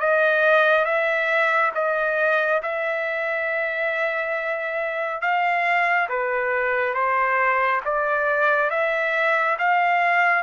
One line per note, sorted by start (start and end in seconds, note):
0.00 0.85 D#5
0.85 1.72 E5
1.75 2.62 D#5
2.63 5.22 E5
5.22 6.09 F5
6.09 6.94 B4
6.94 7.81 C5
7.85 8.71 D5
8.71 9.58 E5
9.59 10.43 F5